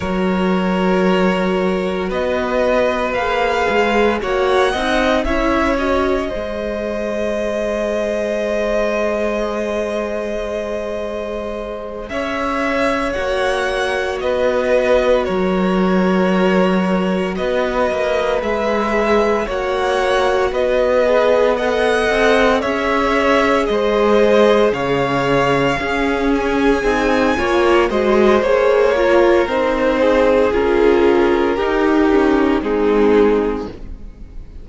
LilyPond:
<<
  \new Staff \with { instrumentName = "violin" } { \time 4/4 \tempo 4 = 57 cis''2 dis''4 f''4 | fis''4 e''8 dis''2~ dis''8~ | dis''2.~ dis''8 e''8~ | e''8 fis''4 dis''4 cis''4.~ |
cis''8 dis''4 e''4 fis''4 dis''8~ | dis''8 fis''4 e''4 dis''4 f''8~ | f''4 gis''4. dis''8 cis''4 | c''4 ais'2 gis'4 | }
  \new Staff \with { instrumentName = "violin" } { \time 4/4 ais'2 b'2 | cis''8 dis''8 cis''4 c''2~ | c''2.~ c''8 cis''8~ | cis''4. b'4 ais'4.~ |
ais'8 b'2 cis''4 b'8~ | b'8 dis''4 cis''4 c''4 cis''8~ | cis''8 gis'4. cis''8 c''4 ais'8~ | ais'8 gis'4. g'4 dis'4 | }
  \new Staff \with { instrumentName = "viola" } { \time 4/4 fis'2. gis'4 | fis'8 dis'8 e'8 fis'8 gis'2~ | gis'1~ | gis'8 fis'2.~ fis'8~ |
fis'4. gis'4 fis'4. | gis'8 a'4 gis'2~ gis'8~ | gis'8 cis'4 dis'8 f'8 fis'8 gis'8 f'8 | dis'4 f'4 dis'8 cis'8 c'4 | }
  \new Staff \with { instrumentName = "cello" } { \time 4/4 fis2 b4 ais8 gis8 | ais8 c'8 cis'4 gis2~ | gis2.~ gis8 cis'8~ | cis'8 ais4 b4 fis4.~ |
fis8 b8 ais8 gis4 ais4 b8~ | b4 c'8 cis'4 gis4 cis8~ | cis8 cis'4 c'8 ais8 gis8 ais4 | c'4 cis'4 dis'4 gis4 | }
>>